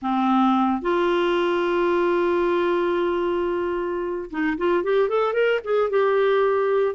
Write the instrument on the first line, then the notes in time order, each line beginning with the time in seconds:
clarinet
0.02 C4
0.81 F4
4.30 D#4
4.57 F4
4.83 G4
5.08 A4
5.33 A#4
5.64 G#4
5.90 G4